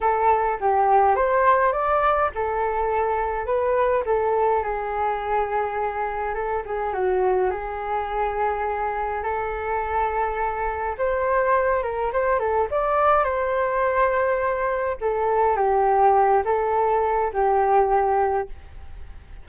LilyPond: \new Staff \with { instrumentName = "flute" } { \time 4/4 \tempo 4 = 104 a'4 g'4 c''4 d''4 | a'2 b'4 a'4 | gis'2. a'8 gis'8 | fis'4 gis'2. |
a'2. c''4~ | c''8 ais'8 c''8 a'8 d''4 c''4~ | c''2 a'4 g'4~ | g'8 a'4. g'2 | }